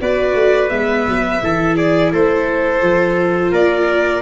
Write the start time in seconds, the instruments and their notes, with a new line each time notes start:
0.00 tuba B3, viola F#4, trumpet B4, violin D5
0.34 tuba A3
0.69 tuba G#3, viola B3, violin E5
1.06 tuba F#3
1.41 tuba E3, viola E4, trumpet A4
1.76 trumpet G#4, violin D5
2.12 tuba A3, trumpet A4, violin C5
2.81 tuba F3, viola F4
3.51 tuba A#3, trumpet A#4, violin D5